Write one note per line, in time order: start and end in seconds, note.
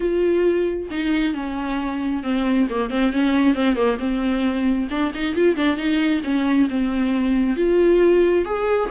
0.00 0.88 F4
0.90 1.34 D#4
1.34 2.23 C#4
2.23 2.67 C4
2.69 2.90 A#3
2.90 3.12 C4
3.12 3.54 C#4
3.54 3.75 C4
3.75 3.98 A#3
3.99 4.87 C4
4.90 5.12 D4
5.14 5.35 D#4
5.35 5.56 F4
5.56 5.76 D4
5.76 6.21 D#4
6.24 6.68 C#4
6.69 7.56 C4
7.56 8.45 F4
8.45 8.89 G#4